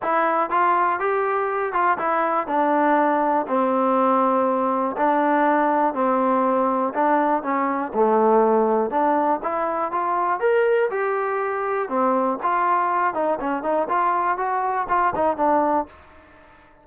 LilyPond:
\new Staff \with { instrumentName = "trombone" } { \time 4/4 \tempo 4 = 121 e'4 f'4 g'4. f'8 | e'4 d'2 c'4~ | c'2 d'2 | c'2 d'4 cis'4 |
a2 d'4 e'4 | f'4 ais'4 g'2 | c'4 f'4. dis'8 cis'8 dis'8 | f'4 fis'4 f'8 dis'8 d'4 | }